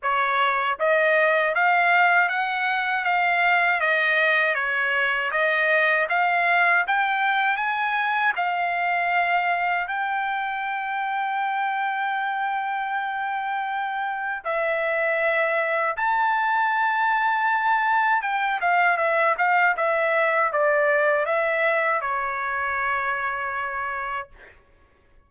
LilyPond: \new Staff \with { instrumentName = "trumpet" } { \time 4/4 \tempo 4 = 79 cis''4 dis''4 f''4 fis''4 | f''4 dis''4 cis''4 dis''4 | f''4 g''4 gis''4 f''4~ | f''4 g''2.~ |
g''2. e''4~ | e''4 a''2. | g''8 f''8 e''8 f''8 e''4 d''4 | e''4 cis''2. | }